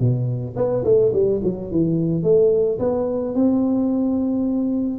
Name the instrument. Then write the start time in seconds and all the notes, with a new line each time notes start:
tuba
0.00 B2
0.56 B3
0.84 A3
1.13 G3
1.43 F#3
1.71 E3
2.23 A3
2.79 B3
3.35 C4